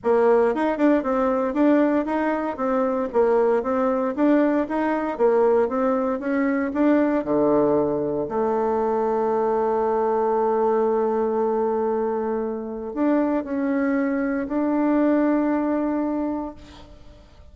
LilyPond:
\new Staff \with { instrumentName = "bassoon" } { \time 4/4 \tempo 4 = 116 ais4 dis'8 d'8 c'4 d'4 | dis'4 c'4 ais4 c'4 | d'4 dis'4 ais4 c'4 | cis'4 d'4 d2 |
a1~ | a1~ | a4 d'4 cis'2 | d'1 | }